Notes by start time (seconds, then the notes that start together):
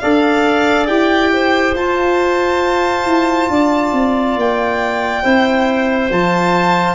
0.00 D4 A4 D5 F5
0.87 E4 G4 G5
1.34 C5
1.75 F4 A5
3.06 E4
3.50 D4 D5
3.93 C4
4.36 A#3 G5
5.24 C4 E4 C5
6.11 F3 F4 A5